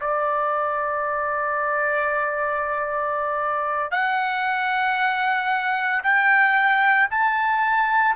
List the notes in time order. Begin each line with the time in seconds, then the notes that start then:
0.00 D5
3.90 F#5
6.03 G5
7.10 A5